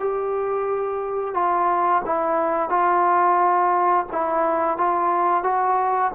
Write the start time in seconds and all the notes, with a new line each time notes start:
0.00 G4
1.35 F4
2.05 E4
2.70 F4
4.13 E4
4.78 F4
5.44 F#4